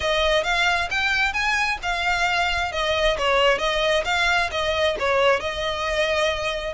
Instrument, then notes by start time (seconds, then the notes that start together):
violin
0.00 D#5
0.43 F5
0.90 G5
1.33 G#5
1.82 F5
2.71 D#5
3.18 C#5
3.58 D#5
4.04 F5
4.51 D#5
4.99 C#5
5.40 D#5